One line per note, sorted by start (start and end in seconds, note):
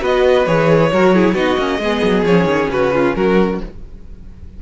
0.00 0.46 B3
0.00 0.45 F#4
0.00 0.90 B4
0.00 0.46 D#5
0.46 0.91 E3
0.46 0.91 G#4
0.46 1.34 C#5
0.92 1.34 F#3
0.92 1.14 F#4
0.92 1.14 A#4
1.14 1.35 E4
1.14 1.34 G#4
1.34 1.56 B3
1.34 1.58 D#4
1.34 1.79 F#4
1.34 2.24 D#5
1.57 1.79 A#3
1.57 1.81 C#4
1.79 2.01 G#3
1.79 2.27 B3
1.79 2.72 G#4
2.03 2.24 F#3
2.24 2.45 F3
2.24 3.62 C#4
2.24 2.70 C#5
2.45 2.67 D#3
2.69 3.14 C#3
2.69 2.94 F#4
2.69 3.15 B4
2.94 3.16 F4
3.15 3.61 F#3
3.15 3.61 F#4
3.15 3.60 A#4